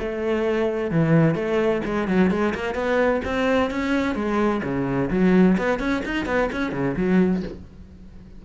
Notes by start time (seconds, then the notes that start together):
0.00 A3
0.92 E3
1.36 A3
1.86 G#3
2.08 F#3
2.31 G#3
2.55 A#3
2.75 B3
3.25 C4
3.71 C#4
4.15 G#3
4.64 C#3
5.11 F#3
5.58 B3
5.80 C#4
6.05 D#4
6.26 B3
6.53 C#4
6.73 C#3
6.97 F#3